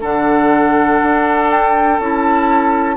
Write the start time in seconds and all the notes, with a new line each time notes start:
0.00 D3 D4 A4 F#5
1.02 D4
1.50 G5
1.99 C#4 E4 A5